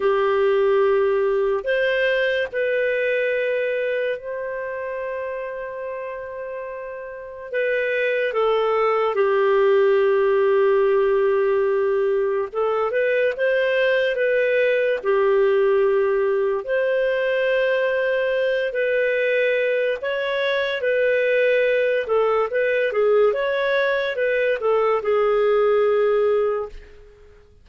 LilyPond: \new Staff \with { instrumentName = "clarinet" } { \time 4/4 \tempo 4 = 72 g'2 c''4 b'4~ | b'4 c''2.~ | c''4 b'4 a'4 g'4~ | g'2. a'8 b'8 |
c''4 b'4 g'2 | c''2~ c''8 b'4. | cis''4 b'4. a'8 b'8 gis'8 | cis''4 b'8 a'8 gis'2 | }